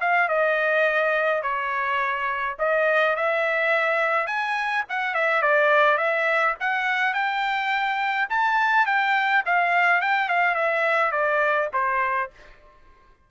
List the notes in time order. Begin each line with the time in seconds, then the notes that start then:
0.00 F5
0.28 D#5
1.42 C#5
2.58 D#5
3.16 E5
4.26 G#5
4.89 F#5
5.14 E5
5.41 D5
5.97 E5
6.60 F#5
7.13 G5
8.29 A5
8.86 G5
9.45 F5
10.01 G5
10.28 F5
10.54 E5
11.11 D5
11.73 C5